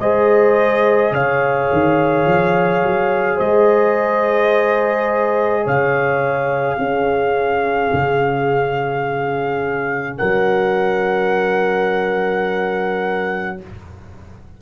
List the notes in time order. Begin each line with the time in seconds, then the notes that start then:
0.00 G#3 G#4 C5 D#5
1.12 C#3 C#5 F5
1.73 D#3
2.26 F3
2.83 F#3
3.37 G#3 C5 D#5
5.64 C#3 C#5 F5
6.79 C#4 G#4
7.93 C#3
10.18 F#3 A#4 F#5